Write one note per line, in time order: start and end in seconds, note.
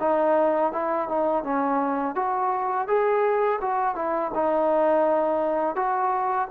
0.00 0.72 D#4
0.72 1.08 E4
1.08 1.43 D#4
1.43 2.15 C#4
2.15 2.88 F#4
2.88 3.60 G#4
3.61 3.95 F#4
3.95 4.31 E4
4.34 5.76 D#4
5.76 6.48 F#4